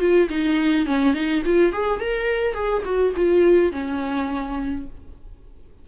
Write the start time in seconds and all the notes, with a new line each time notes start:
0.00 F4
0.30 D#4
0.86 C#4
1.14 D#4
1.45 F4
1.73 G#4
2.00 A#4
2.54 G#4
2.85 F#4
3.16 F4
3.72 C#4